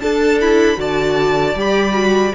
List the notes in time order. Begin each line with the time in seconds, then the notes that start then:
0.00 D4 A4 A5
0.41 E4 B5
0.77 D3 F#4 D5 A5
1.55 G3 G4 B5
1.92 F#4